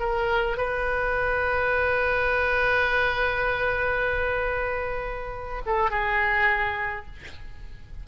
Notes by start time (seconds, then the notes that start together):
0.00 A#4
0.57 B4
5.66 A4
5.91 G#4